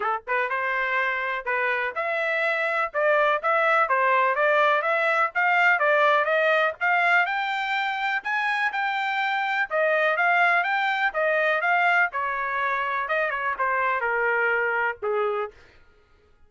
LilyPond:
\new Staff \with { instrumentName = "trumpet" } { \time 4/4 \tempo 4 = 124 a'8 b'8 c''2 b'4 | e''2 d''4 e''4 | c''4 d''4 e''4 f''4 | d''4 dis''4 f''4 g''4~ |
g''4 gis''4 g''2 | dis''4 f''4 g''4 dis''4 | f''4 cis''2 dis''8 cis''8 | c''4 ais'2 gis'4 | }